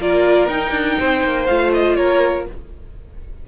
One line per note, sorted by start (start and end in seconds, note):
0.00 0.48 A#3
0.00 0.49 F4
0.00 0.99 A#4
0.00 0.49 D5
0.48 0.71 D#4
0.48 1.47 D#4
0.48 1.46 G5
0.71 0.96 D4
0.99 1.24 C4
0.99 1.97 C5
1.24 1.49 A#3
1.46 1.97 A3
1.46 2.48 F4
1.46 1.71 F5
1.74 1.96 D#5
1.96 2.47 A#3
1.96 2.47 A#4
1.96 2.45 C#5